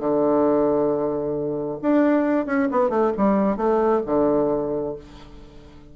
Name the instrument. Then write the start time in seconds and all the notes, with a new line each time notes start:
bassoon
0.00 D3
1.82 D4
2.46 C#4
2.72 B3
2.90 A3
3.18 G3
3.57 A3
4.06 D3